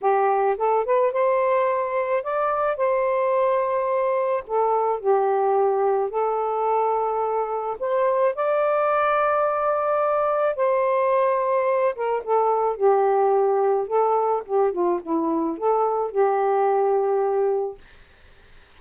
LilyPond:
\new Staff \with { instrumentName = "saxophone" } { \time 4/4 \tempo 4 = 108 g'4 a'8 b'8 c''2 | d''4 c''2. | a'4 g'2 a'4~ | a'2 c''4 d''4~ |
d''2. c''4~ | c''4. ais'8 a'4 g'4~ | g'4 a'4 g'8 f'8 e'4 | a'4 g'2. | }